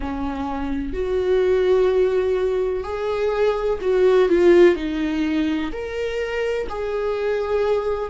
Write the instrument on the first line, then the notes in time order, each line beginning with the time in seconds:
viola
0.00 C#4
0.93 F#4
2.83 G#4
3.81 F#4
4.29 F4
4.75 D#4
5.71 A#4
6.69 G#4